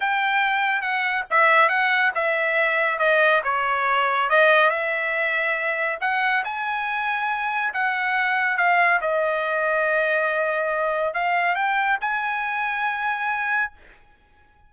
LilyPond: \new Staff \with { instrumentName = "trumpet" } { \time 4/4 \tempo 4 = 140 g''2 fis''4 e''4 | fis''4 e''2 dis''4 | cis''2 dis''4 e''4~ | e''2 fis''4 gis''4~ |
gis''2 fis''2 | f''4 dis''2.~ | dis''2 f''4 g''4 | gis''1 | }